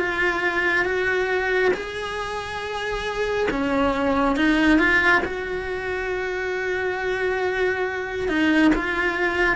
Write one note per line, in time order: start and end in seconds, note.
0.00 0.85 F4
0.85 1.72 F#4
1.74 3.48 G#4
3.51 4.37 C#4
4.37 4.79 D#4
4.79 5.23 F4
5.25 8.29 F#4
8.29 8.72 D#4
8.75 9.57 F4